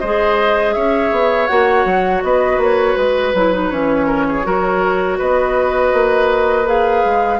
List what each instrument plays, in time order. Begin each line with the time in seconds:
0.00 bassoon G#3, clarinet G#4, oboe C5, flute D#5
0.73 bassoon C#4, oboe C#5, flute E5
1.11 bassoon B3
1.47 bassoon A#3, clarinet F#4, flute F#5
1.85 bassoon F#3
2.23 bassoon B3, oboe B4, flute D#5
2.58 bassoon A#3, flute C#5
2.97 bassoon G#3, flute B4
3.34 bassoon F#3, clarinet E4
3.53 clarinet D#4
3.70 bassoon E3, clarinet C#4, flute C#5
4.07 oboe A#4
4.29 oboe G#4
4.43 bassoon F#3, clarinet F#4, oboe A#4
5.19 bassoon B3, oboe B4, flute D#5
5.93 bassoon A#3
6.66 clarinet G#4, flute F5
7.05 bassoon G#3